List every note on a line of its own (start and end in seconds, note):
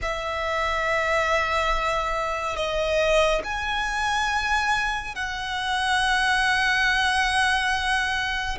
0.02 2.56 E5
2.56 3.42 D#5
3.44 5.15 G#5
5.15 8.58 F#5